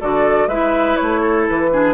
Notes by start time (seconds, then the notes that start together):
0.00 D3 F#4 A4 D5
0.47 G#3 E4 B4 E5
0.96 A3 C#5
1.20 A4
1.48 E3 B4
1.71 D4 G#4